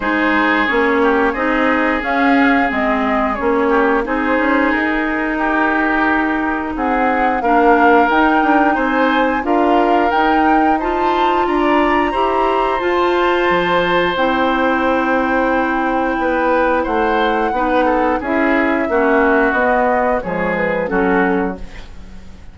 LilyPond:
<<
  \new Staff \with { instrumentName = "flute" } { \time 4/4 \tempo 4 = 89 c''4 cis''4 dis''4 f''4 | dis''4 cis''4 c''4 ais'4~ | ais'2 fis''4 f''4 | g''4 gis''4 f''4 g''4 |
a''4 ais''2 a''4~ | a''4 g''2.~ | g''4 fis''2 e''4~ | e''4 dis''4 cis''8 b'8 a'4 | }
  \new Staff \with { instrumentName = "oboe" } { \time 4/4 gis'4. g'8 gis'2~ | gis'4. g'8 gis'2 | g'2 gis'4 ais'4~ | ais'4 c''4 ais'2 |
c''4 d''4 c''2~ | c''1 | b'4 c''4 b'8 a'8 gis'4 | fis'2 gis'4 fis'4 | }
  \new Staff \with { instrumentName = "clarinet" } { \time 4/4 dis'4 cis'4 dis'4 cis'4 | c'4 cis'4 dis'2~ | dis'2. d'4 | dis'2 f'4 dis'4 |
f'2 g'4 f'4~ | f'4 e'2.~ | e'2 dis'4 e'4 | cis'4 b4 gis4 cis'4 | }
  \new Staff \with { instrumentName = "bassoon" } { \time 4/4 gis4 ais4 c'4 cis'4 | gis4 ais4 c'8 cis'8 dis'4~ | dis'2 c'4 ais4 | dis'8 d'8 c'4 d'4 dis'4~ |
dis'4 d'4 e'4 f'4 | f4 c'2. | b4 a4 b4 cis'4 | ais4 b4 f4 fis4 | }
>>